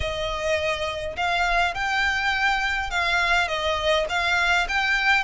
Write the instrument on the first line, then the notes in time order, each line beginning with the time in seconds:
violin
0.00 D#5
1.16 F5
1.74 G5
2.90 F5
3.47 D#5
4.09 F5
4.68 G5